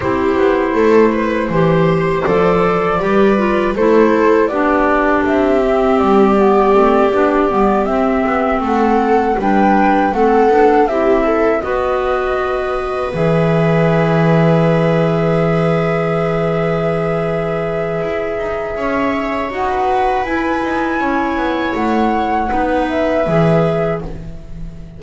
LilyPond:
<<
  \new Staff \with { instrumentName = "flute" } { \time 4/4 \tempo 4 = 80 c''2. d''4~ | d''4 c''4 d''4 e''4 | d''2~ d''8 e''4 fis''8~ | fis''8 g''4 fis''4 e''4 dis''8~ |
dis''4. e''2~ e''8~ | e''1~ | e''2 fis''4 gis''4~ | gis''4 fis''4. e''4. | }
  \new Staff \with { instrumentName = "viola" } { \time 4/4 g'4 a'8 b'8 c''2 | b'4 a'4 g'2~ | g'2.~ g'8 a'8~ | a'8 b'4 a'4 g'8 a'8 b'8~ |
b'1~ | b'1~ | b'4 cis''4~ cis''16 b'4.~ b'16 | cis''2 b'2 | }
  \new Staff \with { instrumentName = "clarinet" } { \time 4/4 e'2 g'4 a'4 | g'8 f'8 e'4 d'4. c'8~ | c'8 b8 c'8 d'8 b8 c'4.~ | c'8 d'4 c'8 d'8 e'4 fis'8~ |
fis'4. gis'2~ gis'8~ | gis'1~ | gis'2 fis'4 e'4~ | e'2 dis'4 gis'4 | }
  \new Staff \with { instrumentName = "double bass" } { \time 4/4 c'8 b8 a4 e4 f4 | g4 a4 b4 c'4 | g4 a8 b8 g8 c'8 b8 a8~ | a8 g4 a8 b8 c'4 b8~ |
b4. e2~ e8~ | e1 | e'8 dis'8 cis'4 dis'4 e'8 dis'8 | cis'8 b8 a4 b4 e4 | }
>>